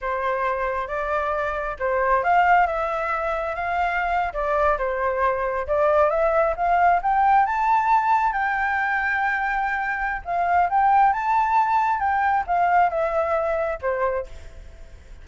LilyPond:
\new Staff \with { instrumentName = "flute" } { \time 4/4 \tempo 4 = 135 c''2 d''2 | c''4 f''4 e''2 | f''4.~ f''16 d''4 c''4~ c''16~ | c''8. d''4 e''4 f''4 g''16~ |
g''8. a''2 g''4~ g''16~ | g''2. f''4 | g''4 a''2 g''4 | f''4 e''2 c''4 | }